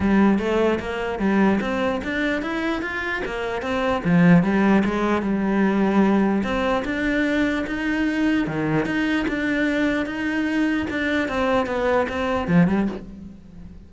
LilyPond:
\new Staff \with { instrumentName = "cello" } { \time 4/4 \tempo 4 = 149 g4 a4 ais4 g4 | c'4 d'4 e'4 f'4 | ais4 c'4 f4 g4 | gis4 g2. |
c'4 d'2 dis'4~ | dis'4 dis4 dis'4 d'4~ | d'4 dis'2 d'4 | c'4 b4 c'4 f8 g8 | }